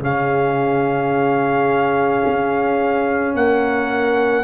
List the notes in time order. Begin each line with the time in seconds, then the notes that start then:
0.00 C#3 C#4 G#4 F5
2.26 C#4
3.34 A#3 A#4 F#5